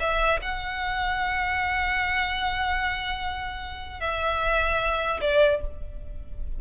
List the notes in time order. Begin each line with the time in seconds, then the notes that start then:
0.00 E5
0.42 F#5
4.01 E5
5.21 D5